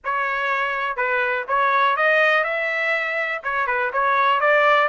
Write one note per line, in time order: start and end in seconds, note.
0.04 0.96 C#5
0.96 1.45 B4
1.47 1.96 C#5
1.96 2.43 D#5
2.43 3.41 E5
3.43 3.67 C#5
3.67 3.91 B4
3.92 4.40 C#5
4.40 4.88 D5